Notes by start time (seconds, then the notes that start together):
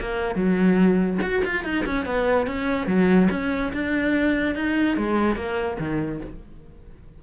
0.00 A#3
0.35 F#3
1.22 F#4
1.45 F4
1.64 D#4
1.86 C#4
2.05 B3
2.47 C#4
2.87 F#3
3.30 C#4
3.73 D4
4.55 D#4
4.97 G#3
5.35 A#3
5.79 D#3